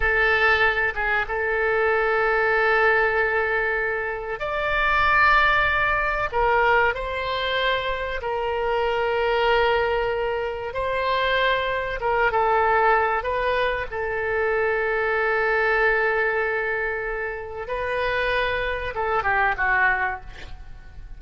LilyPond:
\new Staff \with { instrumentName = "oboe" } { \time 4/4 \tempo 4 = 95 a'4. gis'8 a'2~ | a'2. d''4~ | d''2 ais'4 c''4~ | c''4 ais'2.~ |
ais'4 c''2 ais'8 a'8~ | a'4 b'4 a'2~ | a'1 | b'2 a'8 g'8 fis'4 | }